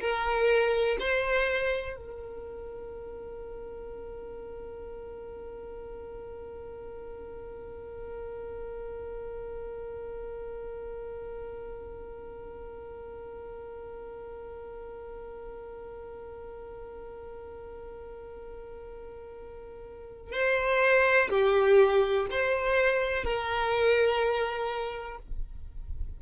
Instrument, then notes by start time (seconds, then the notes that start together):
violin
0.00 A#4
0.99 C5
1.96 A#4
20.32 C5
21.29 G4
22.31 C5
23.24 A#4